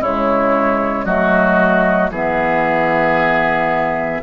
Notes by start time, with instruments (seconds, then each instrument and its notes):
0.00 bassoon C#3, clarinet G#3, oboe E4, flute C#5
1.04 bassoon F#3, clarinet A3, oboe F#4, flute D#5
2.10 bassoon E3, clarinet B3, oboe G#4, flute E5